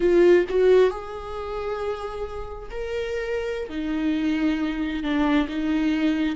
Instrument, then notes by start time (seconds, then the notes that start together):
viola
0.00 F4
0.49 F#4
0.90 G#4
2.70 A#4
3.69 D#4
5.03 D4
5.48 D#4